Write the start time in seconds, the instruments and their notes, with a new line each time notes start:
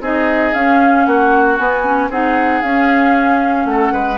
0.00 bassoon C4, clarinet D#4, oboe G#4, flute D#5
0.54 bassoon C#4, clarinet C#4, flute F5
1.05 bassoon A#3, oboe F#4, flute F#5
1.58 clarinet B3, bassoon B3, flute G#5
1.84 clarinet C#4
2.09 bassoon C4, clarinet D#4, oboe G#4, flute F#5
2.62 bassoon C#4, clarinet C#4, flute F5
3.65 bassoon A3, oboe A4, flute F#5
3.92 bassoon G#3, oboe B4